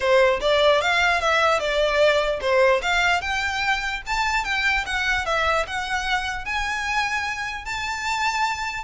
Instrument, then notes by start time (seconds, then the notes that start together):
violin
0.00 C5
0.40 D5
0.81 F5
1.20 E5
1.59 D5
2.41 C5
2.82 F5
3.21 G5
4.06 A5
4.44 G5
4.86 F#5
5.25 E5
5.66 F#5
6.45 G#5
7.65 A5